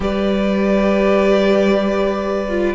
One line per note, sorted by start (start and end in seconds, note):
0.00 2.74 G3
0.00 2.46 G4
0.00 2.74 B4
0.00 2.74 D5
2.48 2.74 F4